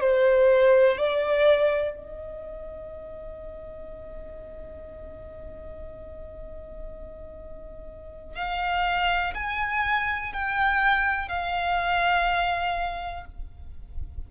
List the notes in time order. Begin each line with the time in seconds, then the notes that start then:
0.00 C5
0.97 D5
1.96 D#5
8.35 F5
9.34 G#5
10.33 G5
11.28 F5